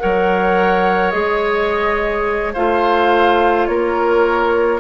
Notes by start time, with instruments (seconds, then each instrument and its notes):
0.00 bassoon F#3, clarinet A#4, oboe C#5, flute F#5
1.11 bassoon G#3, clarinet G#4, flute D#5
2.54 bassoon A3, clarinet F4, oboe C5, flute F5
3.67 bassoon A#3, oboe A#4, flute C#5